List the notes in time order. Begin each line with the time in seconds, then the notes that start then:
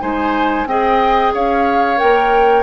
0.00 G#3 D#4 C5 G#5
0.66 C4 G#4 D#5 G5
1.34 C#4 C#5 F5
1.97 A#3 A#4 G5